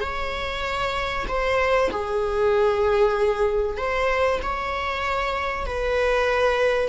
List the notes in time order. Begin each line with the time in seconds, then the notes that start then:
0.00 C#5
1.28 C5
1.90 G#4
3.77 C5
4.42 C#5
5.66 B4